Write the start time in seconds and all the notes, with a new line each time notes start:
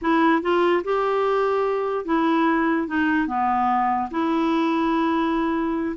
0.01 E4
0.41 F4
0.84 G4
2.05 E4
2.87 D#4
3.27 B3
4.11 E4